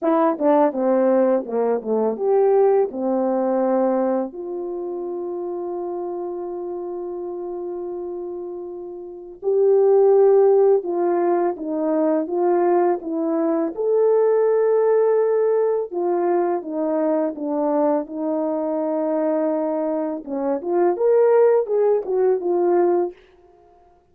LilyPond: \new Staff \with { instrumentName = "horn" } { \time 4/4 \tempo 4 = 83 e'8 d'8 c'4 ais8 a8 g'4 | c'2 f'2~ | f'1~ | f'4 g'2 f'4 |
dis'4 f'4 e'4 a'4~ | a'2 f'4 dis'4 | d'4 dis'2. | cis'8 f'8 ais'4 gis'8 fis'8 f'4 | }